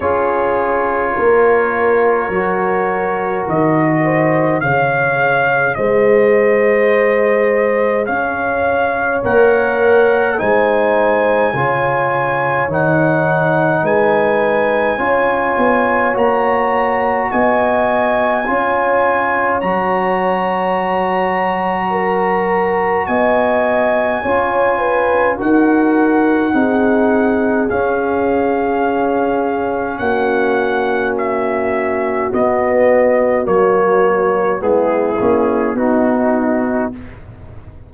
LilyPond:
<<
  \new Staff \with { instrumentName = "trumpet" } { \time 4/4 \tempo 4 = 52 cis''2. dis''4 | f''4 dis''2 f''4 | fis''4 gis''2 fis''4 | gis''2 ais''4 gis''4~ |
gis''4 ais''2. | gis''2 fis''2 | f''2 fis''4 e''4 | dis''4 cis''4 gis'4 fis'4 | }
  \new Staff \with { instrumentName = "horn" } { \time 4/4 gis'4 ais'2~ ais'8 c''8 | cis''4 c''2 cis''4~ | cis''4 c''4 cis''2 | b'4 cis''2 dis''4 |
cis''2. ais'4 | dis''4 cis''8 b'8 ais'4 gis'4~ | gis'2 fis'2~ | fis'2 e'4 dis'4 | }
  \new Staff \with { instrumentName = "trombone" } { \time 4/4 f'2 fis'2 | gis'1 | ais'4 dis'4 f'4 dis'4~ | dis'4 f'4 fis'2 |
f'4 fis'2.~ | fis'4 f'4 fis'4 dis'4 | cis'1 | b4 ais4 b8 cis'8 dis'4 | }
  \new Staff \with { instrumentName = "tuba" } { \time 4/4 cis'4 ais4 fis4 dis4 | cis4 gis2 cis'4 | ais4 gis4 cis4 dis4 | gis4 cis'8 b8 ais4 b4 |
cis'4 fis2. | b4 cis'4 dis'4 c'4 | cis'2 ais2 | b4 fis4 gis8 ais8 b4 | }
>>